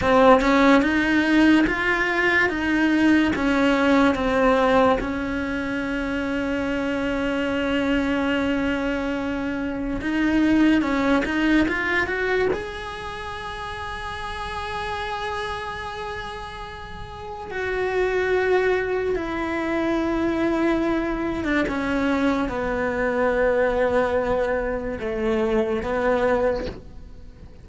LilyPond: \new Staff \with { instrumentName = "cello" } { \time 4/4 \tempo 4 = 72 c'8 cis'8 dis'4 f'4 dis'4 | cis'4 c'4 cis'2~ | cis'1 | dis'4 cis'8 dis'8 f'8 fis'8 gis'4~ |
gis'1~ | gis'4 fis'2 e'4~ | e'4.~ e'16 d'16 cis'4 b4~ | b2 a4 b4 | }